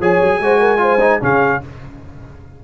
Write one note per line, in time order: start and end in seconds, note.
0.00 0.20 F3
0.00 0.42 G#4
0.00 0.41 C#5
0.00 1.23 G#5
0.21 0.40 F#3
0.40 1.21 G#3
0.40 0.78 F#4
0.40 0.60 C5
0.60 0.80 A#4
0.78 0.98 F4
0.78 1.22 C5
1.00 1.21 D#4
1.21 1.63 C#3
1.21 1.61 C#4
1.21 1.63 G#4
1.21 1.64 F5